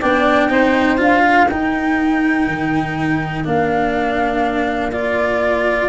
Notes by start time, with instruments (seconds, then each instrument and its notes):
0.00 tuba B3, cello D4, saxophone D5, flute G5
0.50 tuba C4, cello D#4, saxophone C5
0.98 tuba D4, cello F4, flute F5
1.24 saxophone A#4
1.49 tuba D#4, cello D#4, flute G5
2.47 tuba D#3
3.44 tuba A#3, cello D4, flute F5
4.92 cello F4, flute D5